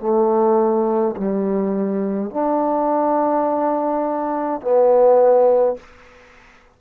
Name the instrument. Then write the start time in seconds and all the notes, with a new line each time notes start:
trombone
0.00 A3
1.16 G3
2.31 D4
4.62 B3